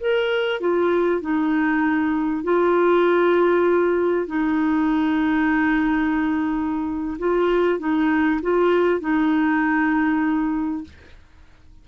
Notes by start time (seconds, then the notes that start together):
0.00 A#4
0.60 F4
1.21 D#4
2.44 F4
4.27 D#4
7.19 F4
7.79 D#4
8.42 F4
9.00 D#4